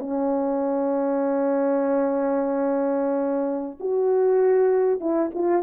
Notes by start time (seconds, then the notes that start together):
0.00 C#4
3.81 F#4
5.01 E4
5.35 F4